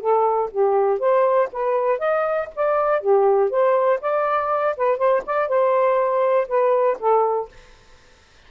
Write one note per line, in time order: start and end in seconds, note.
0.00 0.50 A4
0.51 0.99 G4
0.99 1.49 C5
1.52 1.98 B4
1.98 2.48 D#5
2.55 3.01 D5
3.01 3.50 G4
3.50 4.00 C5
4.01 4.75 D5
4.77 4.97 B4
4.97 5.22 C5
5.26 5.48 D5
5.48 6.47 C5
6.48 6.97 B4
6.99 7.49 A4